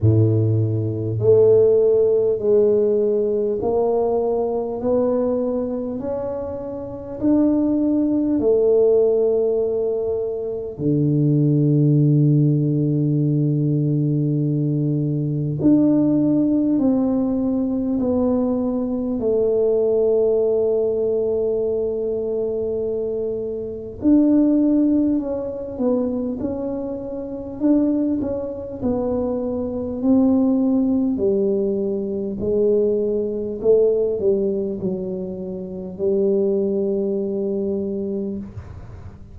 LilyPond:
\new Staff \with { instrumentName = "tuba" } { \time 4/4 \tempo 4 = 50 a,4 a4 gis4 ais4 | b4 cis'4 d'4 a4~ | a4 d2.~ | d4 d'4 c'4 b4 |
a1 | d'4 cis'8 b8 cis'4 d'8 cis'8 | b4 c'4 g4 gis4 | a8 g8 fis4 g2 | }